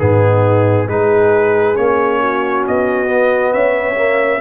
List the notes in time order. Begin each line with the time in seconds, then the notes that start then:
0.00 G#2 B3 D#4 G#4
0.87 G#3 D#4 G#4 B4
1.75 A#3 C#4 C#5
2.20 F#4
2.67 B3 D#5
3.07 B3
3.53 C#4 C#5 E5
3.96 A#3